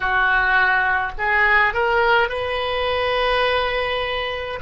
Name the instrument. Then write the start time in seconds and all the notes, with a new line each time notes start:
oboe
0.00 F#4
1.18 G#4
1.73 A#4
2.28 B4